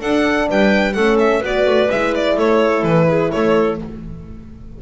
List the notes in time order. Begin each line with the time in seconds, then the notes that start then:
0.00 D4 A4 F#5
0.49 G3 B4 G5
0.93 A3 C#4 A4 F#5
1.19 E5
1.40 B3 F#4 B4 D5
1.65 A3
1.91 G#3 E4 E5
2.15 D5
2.36 A3 A4 C#5
2.83 E3 B4
3.08 G#4
3.31 A3 A4 C#5